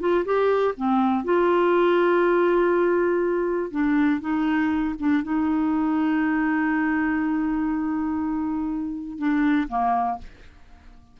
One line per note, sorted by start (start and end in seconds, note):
0.00 0.25 F4
0.25 0.75 G4
0.77 1.24 C4
1.24 3.71 F4
3.71 4.21 D4
4.21 4.95 D#4
5.00 5.23 D4
5.23 9.18 D#4
9.18 9.68 D4
9.69 10.19 A#3